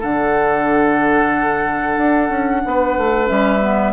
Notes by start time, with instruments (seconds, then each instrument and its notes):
0.00 bassoon D3, clarinet D4, oboe A4, flute F#5
1.97 bassoon D4
2.29 bassoon C#4
2.66 bassoon B3, oboe B4
2.97 bassoon A3
3.26 bassoon G3, clarinet C#4, flute E5
3.61 clarinet B3